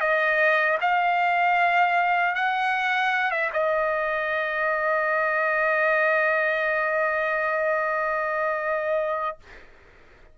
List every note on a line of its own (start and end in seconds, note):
0.00 0.78 D#5
0.81 2.35 F5
2.35 3.31 F#5
3.31 3.51 E5
3.53 9.37 D#5